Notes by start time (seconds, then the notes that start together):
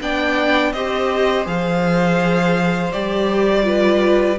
0.00 B3 D4 D5 G5
0.72 C4 G4 C5 D#5
1.44 F3 G#4 F5
2.92 G3 G4 D5
3.62 F4 B4